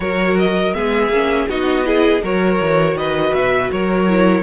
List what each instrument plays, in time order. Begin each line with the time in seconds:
0.00 cello F#3, viola F#4, violin A#4 C#5
0.38 violin D#5
0.73 cello G#3, viola B3, violin G#4 E5
1.09 cello A#3, viola C#4
1.48 cello B3, viola D#4, violin F#4 D#5
1.83 viola E4, violin G#4
2.22 cello F#3, viola F#4, violin A#4 C#5
2.60 cello E3
2.94 cello D#3, violin B4 D#5
3.33 cello B2, violin E5
3.71 cello F#3, violin A#4 C#5
4.08 viola E4